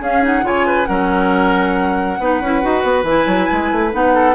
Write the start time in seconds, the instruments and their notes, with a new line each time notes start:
0.00 bassoon C#4, clarinet C#4, oboe G#4, flute F5
0.22 clarinet D#4, flute F#5
0.43 bassoon C#3, clarinet F4, oboe C#5, flute G#5
0.66 oboe B4
0.86 bassoon F#3, clarinet C#4, oboe A#4, flute F#5
2.19 bassoon B3, clarinet D#4, oboe B4
2.41 bassoon C#4, clarinet E4
2.62 bassoon D#4, clarinet F#4
2.83 bassoon B3
3.03 bassoon E3, clarinet E4, flute G#5
3.26 bassoon F#3
3.52 bassoon G#3
3.71 bassoon A3
3.92 bassoon B3, clarinet D#4, flute F#5
4.14 oboe A4